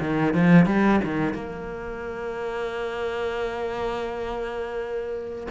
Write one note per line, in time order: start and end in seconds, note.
0.00 0.34 D#3
0.34 0.66 F3
0.66 1.00 G3
1.04 1.34 D#3
1.34 5.47 A#3